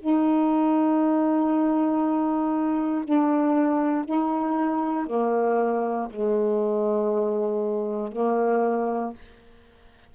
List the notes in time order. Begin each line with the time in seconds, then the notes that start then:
0.00 D#4
3.05 D4
4.05 D#4
5.07 A#3
6.10 G#3
8.12 A#3